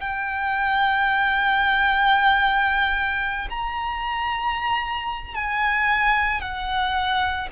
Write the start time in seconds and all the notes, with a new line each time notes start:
0.00 G5
3.50 A#5
5.35 G#5
6.41 F#5